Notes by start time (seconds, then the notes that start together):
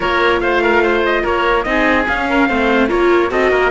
0.00 A#3 F4 A#4 C#5
0.40 A3 C5 F5
0.62 A#4
0.82 C5
1.05 D#5
1.23 A#3 A#4 C#5
1.63 C4 D#4 D#5
1.69 G#4
2.07 C#4 F5
2.29 A#4
2.48 A3 C4 C5
2.88 A#3 F4 A#4 C#5
3.30 C4 F#4 A4 D#5
3.51 A#3 A#4